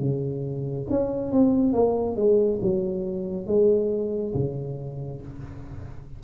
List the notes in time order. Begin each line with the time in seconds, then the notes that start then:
0.00 C#3
0.90 C#4
1.32 C4
1.73 A#3
2.16 G#3
2.62 F#3
3.47 G#3
4.34 C#3